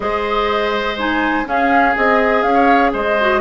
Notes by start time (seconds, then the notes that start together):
0.00 G#3 G#4 C5 D#5
0.97 D#4 G#5
1.45 C#4 G#4 F5
1.94 C4 G#4 D#5
2.42 C#4 F5
2.54 C#5
2.93 G#3 C5 D#5
3.20 F#4